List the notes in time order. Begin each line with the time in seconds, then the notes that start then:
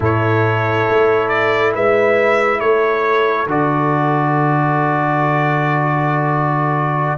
0.00 A2 E4 A4 C#5
0.88 A3
1.28 D5
1.74 G#3 B4 E5
2.60 A3 A4 C#5
3.46 D3 F#4 D5